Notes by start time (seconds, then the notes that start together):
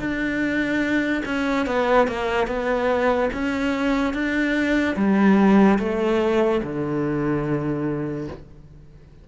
0.00 D4
1.26 C#4
1.67 B3
2.08 A#3
2.48 B3
3.34 C#4
4.14 D4
4.97 G3
5.79 A3
6.64 D3